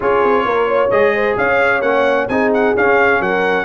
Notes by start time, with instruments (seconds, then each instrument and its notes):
0.00 tuba C#4, trombone F4, horn G#4, trumpet C#5
0.23 tuba C4
0.45 tuba A#3, horn A#4
0.68 horn C#5
0.90 tuba G#3, trombone G#4, trumpet D#5
1.14 horn C5
1.37 tuba C#4, horn C#5, trumpet F5
1.81 tuba A#3, trombone C#4, trumpet F#5
2.28 tuba C4, trombone D#4, horn G#4, trumpet G#5
2.53 trumpet F#5
2.76 trombone C#4, tuba C#4, trumpet F5
3.20 tuba F#3, horn A#4, trumpet F#5